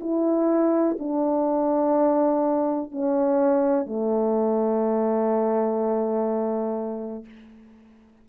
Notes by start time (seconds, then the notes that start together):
0.00 E4
0.99 D4
2.91 C#4
3.86 A3